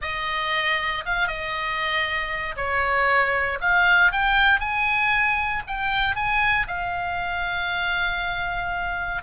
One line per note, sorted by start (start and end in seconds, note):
0.01 1.04 D#5
1.05 1.27 F5
1.27 2.55 D#5
2.56 3.59 C#5
3.61 4.12 F5
4.12 4.60 G5
4.60 5.62 G#5
5.67 6.15 G5
6.15 6.66 G#5
6.67 9.22 F5